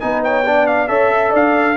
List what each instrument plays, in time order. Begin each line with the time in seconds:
0.00 tuba B3, trombone D#4, horn B4, trumpet G#5
0.24 horn C#5, trumpet G5
0.46 trombone D4, horn D5
0.67 trumpet F5
0.88 tuba C#4, trombone A4, horn C#5, trumpet E5
1.13 horn E5
1.31 tuba D4, horn D5, trumpet F5